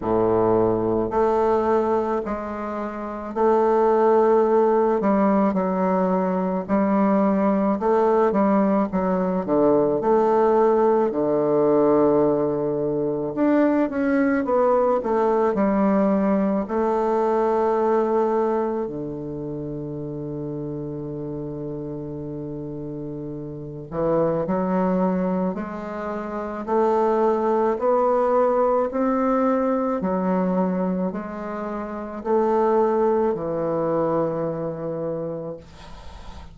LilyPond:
\new Staff \with { instrumentName = "bassoon" } { \time 4/4 \tempo 4 = 54 a,4 a4 gis4 a4~ | a8 g8 fis4 g4 a8 g8 | fis8 d8 a4 d2 | d'8 cis'8 b8 a8 g4 a4~ |
a4 d2.~ | d4. e8 fis4 gis4 | a4 b4 c'4 fis4 | gis4 a4 e2 | }